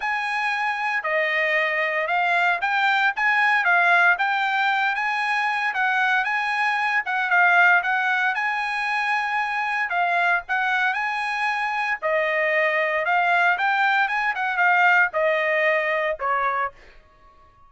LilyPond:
\new Staff \with { instrumentName = "trumpet" } { \time 4/4 \tempo 4 = 115 gis''2 dis''2 | f''4 g''4 gis''4 f''4 | g''4. gis''4. fis''4 | gis''4. fis''8 f''4 fis''4 |
gis''2. f''4 | fis''4 gis''2 dis''4~ | dis''4 f''4 g''4 gis''8 fis''8 | f''4 dis''2 cis''4 | }